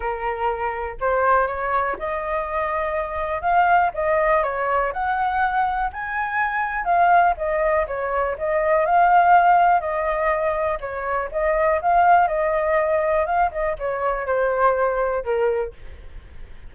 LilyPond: \new Staff \with { instrumentName = "flute" } { \time 4/4 \tempo 4 = 122 ais'2 c''4 cis''4 | dis''2. f''4 | dis''4 cis''4 fis''2 | gis''2 f''4 dis''4 |
cis''4 dis''4 f''2 | dis''2 cis''4 dis''4 | f''4 dis''2 f''8 dis''8 | cis''4 c''2 ais'4 | }